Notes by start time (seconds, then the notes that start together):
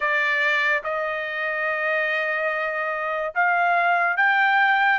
0.00 D5
0.83 D#5
3.34 F5
4.16 G5